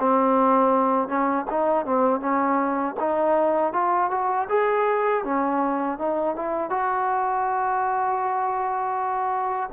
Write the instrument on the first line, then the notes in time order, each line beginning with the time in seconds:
trombone
0.00 C4
1.08 C#4
1.51 D#4
1.86 C4
2.20 C#4
3.00 D#4
3.73 F4
4.11 F#4
4.49 G#4
5.24 C#4
5.99 D#4
6.36 E4
6.70 F#4